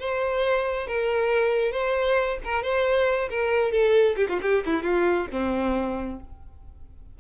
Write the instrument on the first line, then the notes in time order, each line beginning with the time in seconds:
violin
0.00 C5
0.87 A#4
1.72 C5
2.45 A#4
2.64 C5
3.30 A#4
3.72 A4
4.17 G4
4.29 F4
4.42 G4
4.66 E4
4.83 F4
5.32 C4